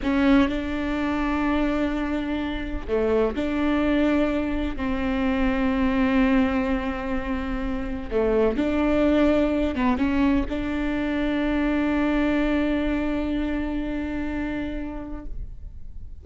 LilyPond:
\new Staff \with { instrumentName = "viola" } { \time 4/4 \tempo 4 = 126 cis'4 d'2.~ | d'2 a4 d'4~ | d'2 c'2~ | c'1~ |
c'4 a4 d'2~ | d'8 b8 cis'4 d'2~ | d'1~ | d'1 | }